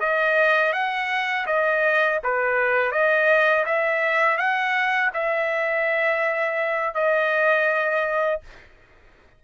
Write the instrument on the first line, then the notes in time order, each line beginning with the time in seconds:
trumpet
0.00 D#5
0.73 F#5
1.46 D#5
2.24 B4
2.92 D#5
3.66 E5
4.38 F#5
5.14 E5
6.94 D#5